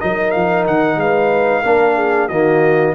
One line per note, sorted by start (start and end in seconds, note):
0.00 0.35 F#3
0.00 1.64 D#4
0.00 0.99 A#4
0.00 0.31 D#5
0.31 0.67 F3
0.31 0.64 F5
0.67 0.96 D#3
0.67 1.00 F#5
0.96 1.62 G#3
0.96 1.62 B4
0.96 2.29 F5
1.62 2.30 A#3
1.62 2.30 D4
1.62 1.95 A#4
1.96 2.28 G#4
2.28 2.95 D#3
2.28 2.95 A#3
2.28 2.94 F#4
2.28 2.95 D#5